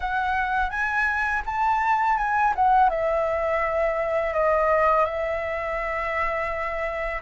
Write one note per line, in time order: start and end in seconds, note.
0.00 0.70 F#5
0.70 1.42 G#5
1.45 2.17 A5
2.17 2.53 G#5
2.55 2.89 F#5
2.89 4.33 E5
4.33 5.05 D#5
5.05 7.22 E5